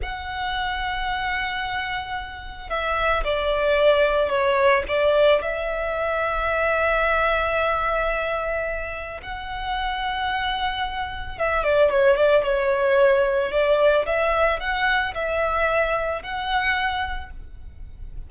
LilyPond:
\new Staff \with { instrumentName = "violin" } { \time 4/4 \tempo 4 = 111 fis''1~ | fis''4 e''4 d''2 | cis''4 d''4 e''2~ | e''1~ |
e''4 fis''2.~ | fis''4 e''8 d''8 cis''8 d''8 cis''4~ | cis''4 d''4 e''4 fis''4 | e''2 fis''2 | }